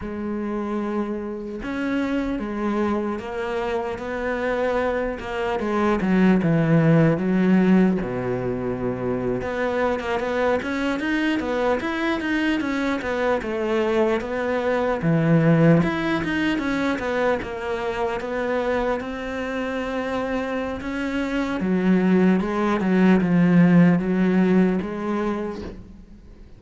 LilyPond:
\new Staff \with { instrumentName = "cello" } { \time 4/4 \tempo 4 = 75 gis2 cis'4 gis4 | ais4 b4. ais8 gis8 fis8 | e4 fis4 b,4.~ b,16 b16~ | b8 ais16 b8 cis'8 dis'8 b8 e'8 dis'8 cis'16~ |
cis'16 b8 a4 b4 e4 e'16~ | e'16 dis'8 cis'8 b8 ais4 b4 c'16~ | c'2 cis'4 fis4 | gis8 fis8 f4 fis4 gis4 | }